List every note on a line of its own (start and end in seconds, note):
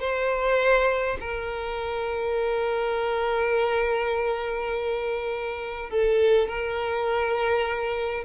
0.00 1.18 C5
1.21 5.90 A#4
5.90 6.48 A4
6.48 8.25 A#4